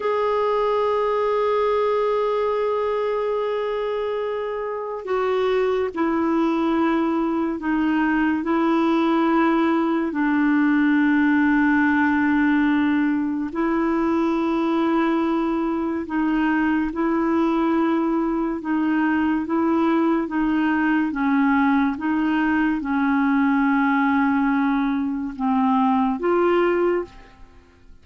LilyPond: \new Staff \with { instrumentName = "clarinet" } { \time 4/4 \tempo 4 = 71 gis'1~ | gis'2 fis'4 e'4~ | e'4 dis'4 e'2 | d'1 |
e'2. dis'4 | e'2 dis'4 e'4 | dis'4 cis'4 dis'4 cis'4~ | cis'2 c'4 f'4 | }